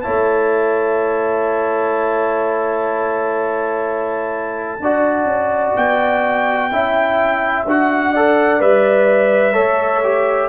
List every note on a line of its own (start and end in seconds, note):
0.00 4.79 E4
0.00 4.80 C#5
0.00 5.71 A5
0.07 4.80 A3
4.80 5.24 D4
4.80 6.72 F#4
4.80 6.72 D5
5.24 5.72 C#4
5.76 6.71 B3
5.76 7.66 G5
6.71 7.65 C#4
6.71 7.67 E4
6.71 8.12 E5
7.65 8.60 D4
7.65 8.16 F#4
7.65 8.61 F#5
8.12 8.60 A4
8.12 9.53 D5
8.60 9.56 G3
8.60 9.53 B4
8.60 10.48 E5
9.53 10.48 A3
9.53 10.01 A4
9.53 10.48 C#5
10.03 10.48 G4